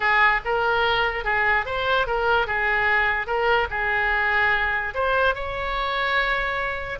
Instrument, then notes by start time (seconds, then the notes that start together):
oboe
0.00 G#4
0.44 A#4
1.24 G#4
1.65 C5
2.06 A#4
2.46 G#4
3.26 A#4
3.70 G#4
4.94 C5
5.34 C#5